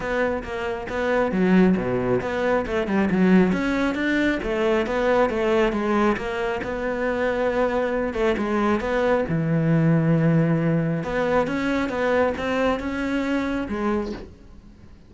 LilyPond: \new Staff \with { instrumentName = "cello" } { \time 4/4 \tempo 4 = 136 b4 ais4 b4 fis4 | b,4 b4 a8 g8 fis4 | cis'4 d'4 a4 b4 | a4 gis4 ais4 b4~ |
b2~ b8 a8 gis4 | b4 e2.~ | e4 b4 cis'4 b4 | c'4 cis'2 gis4 | }